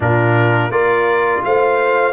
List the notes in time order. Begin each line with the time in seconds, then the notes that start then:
0.00 A#2 D4 F4 A#4
0.69 A#3 F4 A#4 D5
1.44 A3 C5 F5